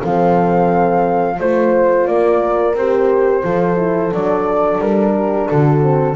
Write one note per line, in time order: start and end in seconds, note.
0.00 1.40 F3
0.00 1.37 C4
0.00 1.36 A4
0.00 1.40 F5
1.39 2.08 A3
1.39 2.76 F4
1.39 2.08 C5
1.39 2.07 C5
2.07 2.74 A#3
2.07 3.43 A#4
2.07 2.75 D5
2.74 3.42 C4
2.74 3.44 G4
2.74 4.14 C5
3.43 4.12 F3
3.43 3.77 F4
3.43 5.14 A4
3.77 4.11 E4
4.11 4.78 F#3
4.11 5.81 D4
4.11 4.82 D5
4.78 5.46 G3
4.78 5.48 A#4
5.15 5.47 G4
5.47 6.15 D3
5.47 6.15 F#4
5.47 6.15 A4
5.81 6.15 C4